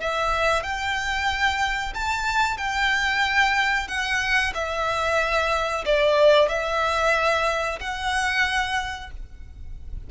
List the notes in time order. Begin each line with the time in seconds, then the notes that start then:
0.00 E5
0.63 G5
1.94 A5
2.57 G5
3.87 F#5
4.54 E5
5.85 D5
6.48 E5
7.80 F#5